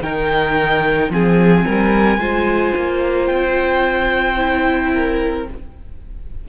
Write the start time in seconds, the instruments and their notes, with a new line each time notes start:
0.00 cello D#3, viola D#4, violin A#4 G5
1.09 cello F3, viola C4, violin G#4 G#5
1.65 cello G3, violin A#4
2.17 cello G#3, viola F4, violin C5
2.76 cello A#3
3.25 cello C4, violin G5
4.36 viola E4
4.94 violin A#4